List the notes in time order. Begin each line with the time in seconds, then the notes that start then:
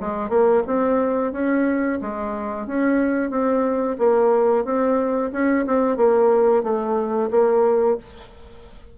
0.00 G#3
0.29 A#3
0.67 C4
1.33 C#4
2.02 G#3
2.67 C#4
3.30 C4
3.99 A#3
4.65 C4
5.33 C#4
5.66 C4
5.97 A#3
6.63 A3
7.31 A#3